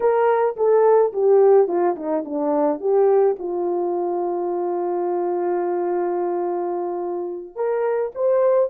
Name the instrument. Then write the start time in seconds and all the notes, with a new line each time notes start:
horn
0.00 A#4
0.56 A4
1.12 G4
1.67 F4
1.95 D#4
2.24 D4
2.80 G4
3.38 F4
7.55 A#4
8.15 C5